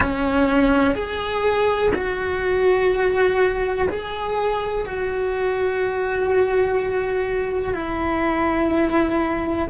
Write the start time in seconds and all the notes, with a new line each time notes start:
0.00 C#4
0.94 G#4
1.94 F#4
3.88 G#4
4.85 F#4
7.74 E4